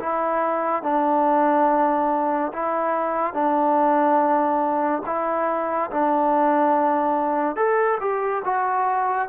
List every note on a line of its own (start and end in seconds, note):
0.00 0.83 E4
0.83 2.52 D4
2.53 3.34 E4
3.34 5.03 D4
5.06 5.91 E4
5.91 7.56 D4
7.56 7.99 A4
8.01 8.43 G4
8.45 9.29 F#4